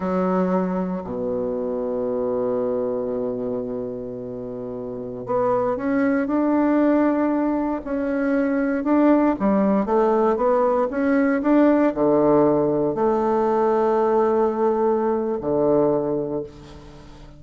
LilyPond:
\new Staff \with { instrumentName = "bassoon" } { \time 4/4 \tempo 4 = 117 fis2 b,2~ | b,1~ | b,2~ b,16 b4 cis'8.~ | cis'16 d'2. cis'8.~ |
cis'4~ cis'16 d'4 g4 a8.~ | a16 b4 cis'4 d'4 d8.~ | d4~ d16 a2~ a8.~ | a2 d2 | }